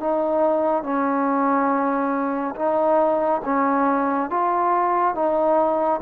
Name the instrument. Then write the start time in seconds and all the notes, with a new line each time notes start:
trombone
0.00 D#4
0.83 C#4
2.56 D#4
3.45 C#4
4.30 F4
5.15 D#4